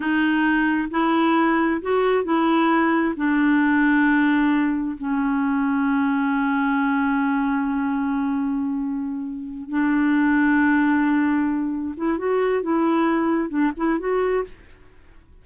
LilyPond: \new Staff \with { instrumentName = "clarinet" } { \time 4/4 \tempo 4 = 133 dis'2 e'2 | fis'4 e'2 d'4~ | d'2. cis'4~ | cis'1~ |
cis'1~ | cis'4. d'2~ d'8~ | d'2~ d'8 e'8 fis'4 | e'2 d'8 e'8 fis'4 | }